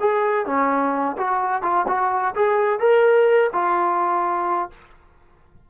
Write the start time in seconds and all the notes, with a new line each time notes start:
0.00 G#4
0.46 C#4
1.18 F#4
1.63 F4
1.87 F#4
2.35 G#4
2.80 A#4
3.53 F4